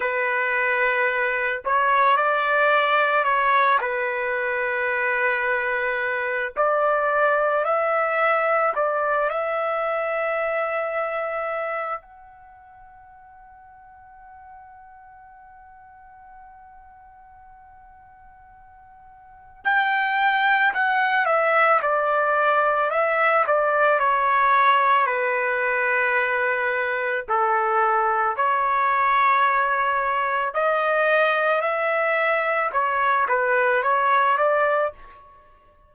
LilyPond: \new Staff \with { instrumentName = "trumpet" } { \time 4/4 \tempo 4 = 55 b'4. cis''8 d''4 cis''8 b'8~ | b'2 d''4 e''4 | d''8 e''2~ e''8 fis''4~ | fis''1~ |
fis''2 g''4 fis''8 e''8 | d''4 e''8 d''8 cis''4 b'4~ | b'4 a'4 cis''2 | dis''4 e''4 cis''8 b'8 cis''8 d''8 | }